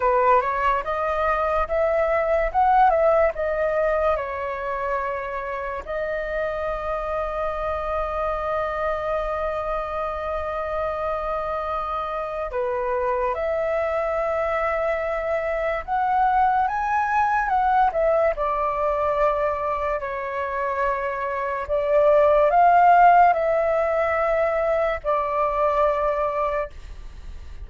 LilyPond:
\new Staff \with { instrumentName = "flute" } { \time 4/4 \tempo 4 = 72 b'8 cis''8 dis''4 e''4 fis''8 e''8 | dis''4 cis''2 dis''4~ | dis''1~ | dis''2. b'4 |
e''2. fis''4 | gis''4 fis''8 e''8 d''2 | cis''2 d''4 f''4 | e''2 d''2 | }